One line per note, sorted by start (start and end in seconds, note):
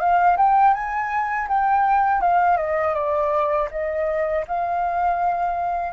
0.00 0.37 F5
0.37 0.74 G5
0.74 1.48 G#5
1.48 2.21 G5
2.21 2.58 F5
2.58 2.95 D#5
2.95 3.69 D5
3.71 4.45 D#5
4.48 5.93 F5